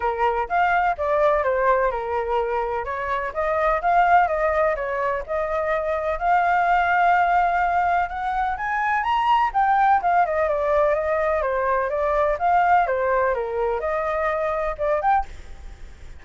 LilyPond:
\new Staff \with { instrumentName = "flute" } { \time 4/4 \tempo 4 = 126 ais'4 f''4 d''4 c''4 | ais'2 cis''4 dis''4 | f''4 dis''4 cis''4 dis''4~ | dis''4 f''2.~ |
f''4 fis''4 gis''4 ais''4 | g''4 f''8 dis''8 d''4 dis''4 | c''4 d''4 f''4 c''4 | ais'4 dis''2 d''8 g''8 | }